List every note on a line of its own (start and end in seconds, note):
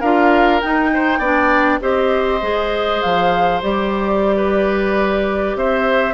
0.00 0.61 D4
0.00 0.61 F4
0.00 0.90 A#4
0.00 0.60 F5
0.61 1.21 D#4
0.61 1.19 D#4
0.61 1.81 G5
0.94 1.19 C5
1.19 1.79 B3
1.19 1.80 D4
1.19 1.79 D5
1.80 2.41 C4
1.80 2.40 G4
1.80 4.36 C5
1.80 3.02 D#5
2.42 3.02 G#3
2.42 3.62 G#4
3.02 3.62 F3
3.02 3.62 F5
3.62 5.55 G3
3.62 6.13 G4
3.62 5.58 D5
4.36 5.56 B4
5.55 6.13 C4
5.55 6.13 C5
5.55 6.13 E5